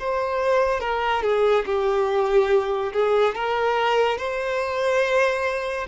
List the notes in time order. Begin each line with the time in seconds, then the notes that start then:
0.00 C5
0.81 A#4
1.23 G#4
1.66 G4
2.93 G#4
3.35 A#4
4.18 C5